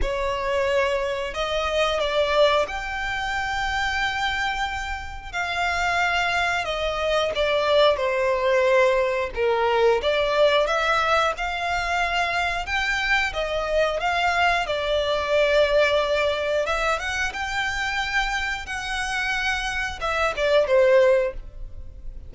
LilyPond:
\new Staff \with { instrumentName = "violin" } { \time 4/4 \tempo 4 = 90 cis''2 dis''4 d''4 | g''1 | f''2 dis''4 d''4 | c''2 ais'4 d''4 |
e''4 f''2 g''4 | dis''4 f''4 d''2~ | d''4 e''8 fis''8 g''2 | fis''2 e''8 d''8 c''4 | }